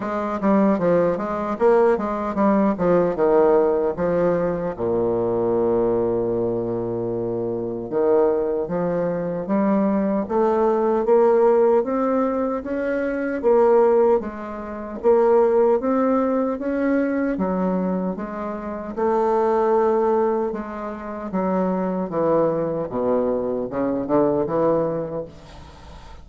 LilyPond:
\new Staff \with { instrumentName = "bassoon" } { \time 4/4 \tempo 4 = 76 gis8 g8 f8 gis8 ais8 gis8 g8 f8 | dis4 f4 ais,2~ | ais,2 dis4 f4 | g4 a4 ais4 c'4 |
cis'4 ais4 gis4 ais4 | c'4 cis'4 fis4 gis4 | a2 gis4 fis4 | e4 b,4 cis8 d8 e4 | }